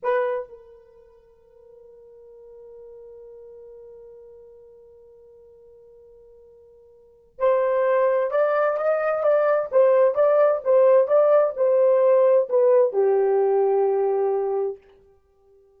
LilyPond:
\new Staff \with { instrumentName = "horn" } { \time 4/4 \tempo 4 = 130 b'4 ais'2.~ | ais'1~ | ais'1~ | ais'1 |
c''2 d''4 dis''4 | d''4 c''4 d''4 c''4 | d''4 c''2 b'4 | g'1 | }